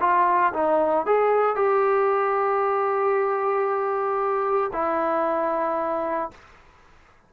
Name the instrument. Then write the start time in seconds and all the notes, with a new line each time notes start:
trombone
0.00 F4
0.53 D#4
1.06 G#4
1.55 G4
4.72 E4